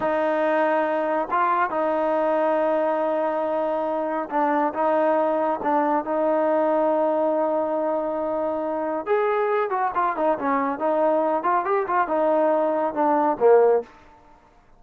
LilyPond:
\new Staff \with { instrumentName = "trombone" } { \time 4/4 \tempo 4 = 139 dis'2. f'4 | dis'1~ | dis'2 d'4 dis'4~ | dis'4 d'4 dis'2~ |
dis'1~ | dis'4 gis'4. fis'8 f'8 dis'8 | cis'4 dis'4. f'8 g'8 f'8 | dis'2 d'4 ais4 | }